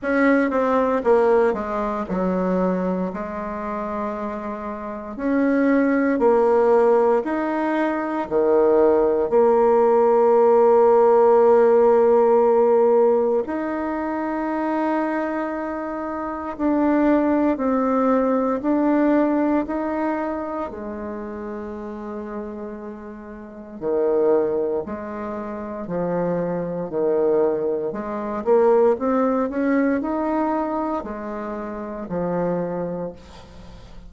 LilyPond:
\new Staff \with { instrumentName = "bassoon" } { \time 4/4 \tempo 4 = 58 cis'8 c'8 ais8 gis8 fis4 gis4~ | gis4 cis'4 ais4 dis'4 | dis4 ais2.~ | ais4 dis'2. |
d'4 c'4 d'4 dis'4 | gis2. dis4 | gis4 f4 dis4 gis8 ais8 | c'8 cis'8 dis'4 gis4 f4 | }